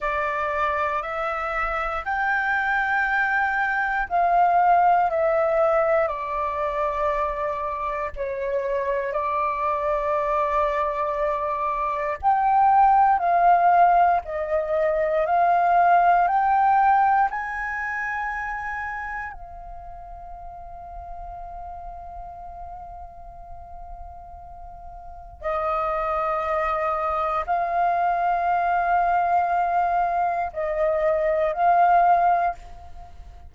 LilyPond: \new Staff \with { instrumentName = "flute" } { \time 4/4 \tempo 4 = 59 d''4 e''4 g''2 | f''4 e''4 d''2 | cis''4 d''2. | g''4 f''4 dis''4 f''4 |
g''4 gis''2 f''4~ | f''1~ | f''4 dis''2 f''4~ | f''2 dis''4 f''4 | }